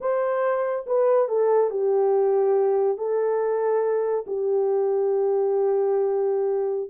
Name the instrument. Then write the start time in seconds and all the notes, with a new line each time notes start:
horn
0.00 C5
0.86 B4
1.28 A4
1.70 G4
2.97 A4
4.26 G4